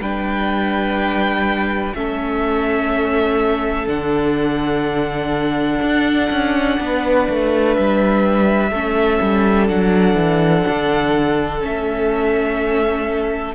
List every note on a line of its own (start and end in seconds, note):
0.00 1.94 G3
0.00 1.95 D4
0.00 1.95 B4
0.00 1.94 G5
1.94 3.87 A3
1.94 3.87 C#4
1.94 6.79 A4
1.94 3.88 E5
3.87 5.80 D3
3.87 8.71 D4
3.87 7.74 F#5
5.82 6.30 D4
6.30 6.79 C#4
6.79 7.28 B3
6.79 8.71 B4
7.29 7.77 A3
7.74 8.71 G3
7.74 9.68 E5
8.71 9.19 A3
8.71 9.68 C#4
8.71 13.55 A4
9.21 9.69 G3
9.68 10.15 F#3
9.68 11.60 D4
9.68 11.62 F#5
10.15 10.63 E3
10.69 11.64 D3
11.60 13.55 A3
11.60 13.53 C#4
11.60 13.55 E5